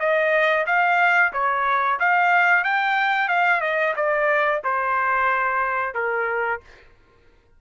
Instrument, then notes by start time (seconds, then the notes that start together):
trumpet
0.00 D#5
0.67 F5
1.33 C#5
2.00 F5
2.64 G5
3.29 F5
3.61 D#5
3.96 D5
4.64 C5
5.95 A#4